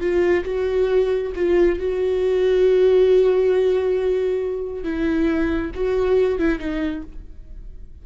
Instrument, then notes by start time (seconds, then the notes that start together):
viola
0.00 F4
0.44 F#4
1.35 F4
1.79 F#4
4.83 E4
5.74 F#4
6.38 E4
6.58 D#4